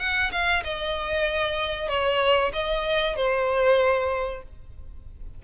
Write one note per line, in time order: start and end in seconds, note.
0.00 0.32 F#5
0.32 0.64 F5
0.64 1.89 D#5
1.89 2.52 C#5
2.53 3.17 D#5
3.17 4.43 C5